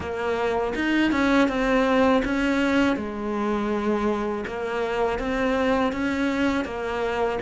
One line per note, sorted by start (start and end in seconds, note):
0.00 0.73 A#3
0.75 1.11 D#4
1.11 1.48 C#4
1.48 2.22 C4
2.25 2.96 C#4
2.96 4.44 G#3
4.46 5.19 A#3
5.19 5.92 C4
5.92 6.65 C#4
6.65 7.39 A#3